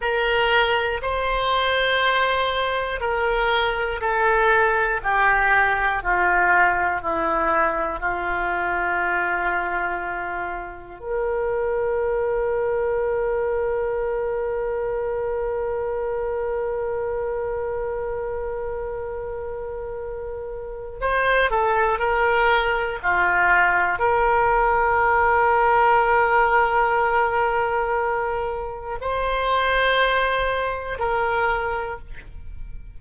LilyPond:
\new Staff \with { instrumentName = "oboe" } { \time 4/4 \tempo 4 = 60 ais'4 c''2 ais'4 | a'4 g'4 f'4 e'4 | f'2. ais'4~ | ais'1~ |
ais'1~ | ais'4 c''8 a'8 ais'4 f'4 | ais'1~ | ais'4 c''2 ais'4 | }